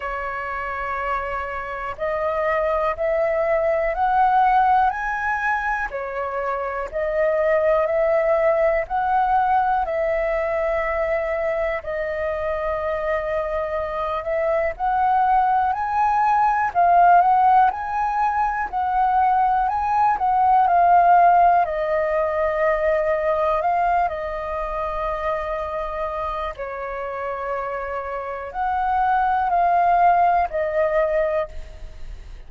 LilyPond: \new Staff \with { instrumentName = "flute" } { \time 4/4 \tempo 4 = 61 cis''2 dis''4 e''4 | fis''4 gis''4 cis''4 dis''4 | e''4 fis''4 e''2 | dis''2~ dis''8 e''8 fis''4 |
gis''4 f''8 fis''8 gis''4 fis''4 | gis''8 fis''8 f''4 dis''2 | f''8 dis''2~ dis''8 cis''4~ | cis''4 fis''4 f''4 dis''4 | }